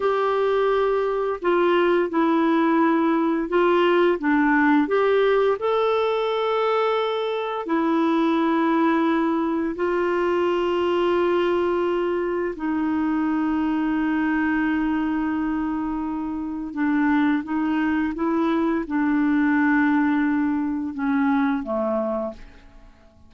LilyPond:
\new Staff \with { instrumentName = "clarinet" } { \time 4/4 \tempo 4 = 86 g'2 f'4 e'4~ | e'4 f'4 d'4 g'4 | a'2. e'4~ | e'2 f'2~ |
f'2 dis'2~ | dis'1 | d'4 dis'4 e'4 d'4~ | d'2 cis'4 a4 | }